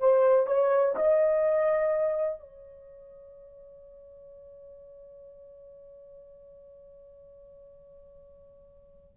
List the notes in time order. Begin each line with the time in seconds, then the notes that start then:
0.00 C5
0.47 C#5
0.96 D#5
2.41 C#5